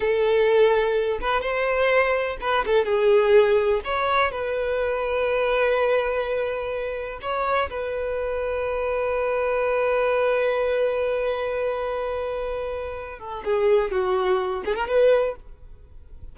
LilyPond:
\new Staff \with { instrumentName = "violin" } { \time 4/4 \tempo 4 = 125 a'2~ a'8 b'8 c''4~ | c''4 b'8 a'8 gis'2 | cis''4 b'2.~ | b'2. cis''4 |
b'1~ | b'1~ | b'2.~ b'8 a'8 | gis'4 fis'4. gis'16 ais'16 b'4 | }